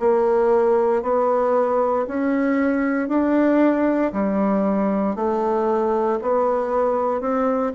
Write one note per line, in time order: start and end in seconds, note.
0.00 1.03 A#3
1.03 2.06 B3
2.08 3.09 C#4
3.09 4.12 D4
4.13 5.16 G3
5.16 6.20 A3
6.22 7.21 B3
7.21 7.73 C4